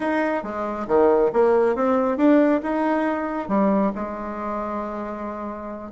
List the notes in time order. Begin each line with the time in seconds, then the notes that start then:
0.00 D#4
0.43 G#3
0.87 D#3
1.33 A#3
1.75 C4
2.17 D4
2.62 D#4
3.48 G3
3.95 G#3